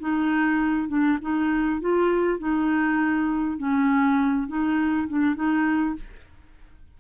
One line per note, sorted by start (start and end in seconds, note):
0.00 0.89 D#4
0.89 1.19 D4
1.22 1.81 D#4
1.81 2.39 F4
2.39 3.58 D#4
3.58 4.48 C#4
4.48 5.08 D#4
5.08 5.36 D4
5.36 5.96 D#4